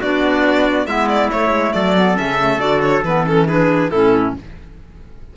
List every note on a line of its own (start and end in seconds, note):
0.00 0.86 B3
0.00 0.87 D4
0.00 0.86 F#4
0.00 0.86 D5
0.86 1.29 G#3
0.86 1.30 B3
0.86 1.74 E4
0.86 1.08 E5
1.08 1.30 D5
1.30 1.95 A3
1.30 1.49 A3
1.30 1.73 C#5
1.49 1.71 G#3
1.73 2.18 F#3
1.73 3.47 A4
1.73 2.16 D5
1.96 2.16 B3
2.16 2.59 C#3
2.16 2.37 C#4
2.16 2.60 E5
2.40 2.60 A3
2.59 3.02 D3
2.59 3.03 F#4
2.59 2.82 D5
2.82 3.03 C#5
3.03 3.90 E3
3.03 3.26 B3
3.03 3.25 B4
3.26 3.47 C#4
3.26 3.48 A4
3.47 3.91 D4
3.47 3.90 G#4
3.47 3.90 B4
3.90 4.33 A2
3.90 4.36 C#4
3.90 4.34 E4
3.90 4.33 A4